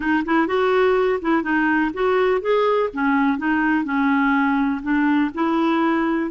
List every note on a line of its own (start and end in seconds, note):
0.00 0.23 D#4
0.25 0.47 E4
0.47 1.20 F#4
1.21 1.43 E4
1.43 1.91 D#4
1.93 2.41 F#4
2.41 2.89 G#4
2.93 3.38 C#4
3.38 3.84 D#4
3.84 4.81 C#4
4.82 5.30 D4
5.34 6.30 E4